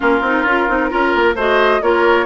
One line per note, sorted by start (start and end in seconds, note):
0.00 0.21 A#3
0.00 0.22 C#4
0.00 0.89 F4
0.00 1.37 A#4
0.21 0.44 C4
0.21 0.47 D#4
0.45 0.67 C#4
0.45 0.68 F4
0.68 0.91 C4
0.68 0.89 D#4
0.89 1.14 C#4
0.89 1.35 F4
0.89 1.35 A#4
1.14 1.35 A#3
1.35 1.80 A3
1.35 1.81 F#4
1.35 1.81 C5
1.35 1.82 D#5
1.81 2.26 A#3
1.81 2.26 F4
1.81 2.26 A#4
1.81 2.26 C#5